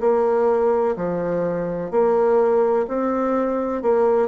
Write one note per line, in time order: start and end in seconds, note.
0.00 0.95 A#3
0.96 1.90 F3
1.90 2.86 A#3
2.87 3.82 C4
3.82 4.28 A#3